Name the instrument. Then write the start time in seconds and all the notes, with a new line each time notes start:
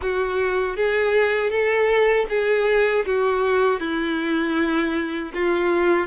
violin
0.01 F#4
0.76 G#4
1.50 A4
2.29 G#4
3.06 F#4
3.80 E4
5.34 F4